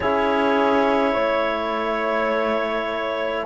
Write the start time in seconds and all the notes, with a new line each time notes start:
0.00 C#4 E4 G#4 C#5
1.13 A3 C#5